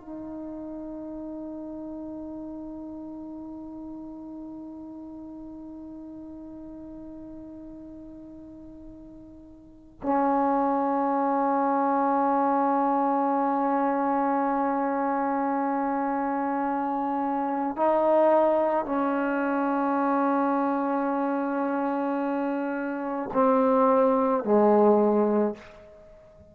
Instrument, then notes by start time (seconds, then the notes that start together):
trombone
0.00 D#4
10.02 C#4
17.76 D#4
18.85 C#4
23.33 C4
24.43 G#3